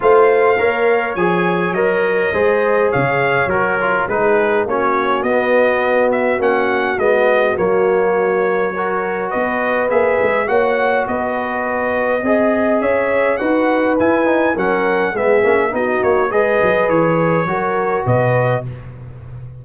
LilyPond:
<<
  \new Staff \with { instrumentName = "trumpet" } { \time 4/4 \tempo 4 = 103 f''2 gis''4 dis''4~ | dis''4 f''4 ais'4 b'4 | cis''4 dis''4. e''8 fis''4 | dis''4 cis''2. |
dis''4 e''4 fis''4 dis''4~ | dis''2 e''4 fis''4 | gis''4 fis''4 e''4 dis''8 cis''8 | dis''4 cis''2 dis''4 | }
  \new Staff \with { instrumentName = "horn" } { \time 4/4 c''4 cis''2. | c''4 cis''2 gis'4 | fis'1~ | fis'2. ais'4 |
b'2 cis''4 b'4~ | b'4 dis''4 cis''4 b'4~ | b'4 ais'4 gis'4 fis'4 | b'2 ais'4 b'4 | }
  \new Staff \with { instrumentName = "trombone" } { \time 4/4 f'4 ais'4 gis'4 ais'4 | gis'2 fis'8 f'8 dis'4 | cis'4 b2 cis'4 | b4 ais2 fis'4~ |
fis'4 gis'4 fis'2~ | fis'4 gis'2 fis'4 | e'8 dis'8 cis'4 b8 cis'8 dis'4 | gis'2 fis'2 | }
  \new Staff \with { instrumentName = "tuba" } { \time 4/4 a4 ais4 f4 fis4 | gis4 cis4 fis4 gis4 | ais4 b2 ais4 | gis4 fis2. |
b4 ais8 gis8 ais4 b4~ | b4 c'4 cis'4 dis'4 | e'4 fis4 gis8 ais8 b8 ais8 | gis8 fis8 e4 fis4 b,4 | }
>>